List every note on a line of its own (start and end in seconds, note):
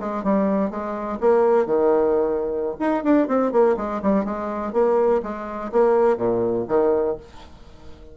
0.00 0.24 G#3
0.24 0.71 G3
0.71 1.19 G#3
1.21 1.67 A#3
1.67 2.76 D#3
2.80 3.04 D#4
3.04 3.28 D4
3.28 3.52 C4
3.52 3.76 A#3
3.77 4.02 G#3
4.03 4.25 G3
4.25 4.73 G#3
4.73 5.22 A#3
5.23 5.72 G#3
5.72 6.18 A#3
6.18 6.67 A#2
6.69 7.17 D#3